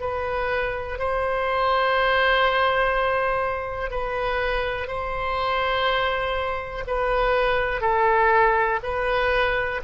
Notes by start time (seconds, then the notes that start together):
0.00 B4
0.98 C5
3.90 B4
4.87 C5
6.87 B4
7.81 A4
8.83 B4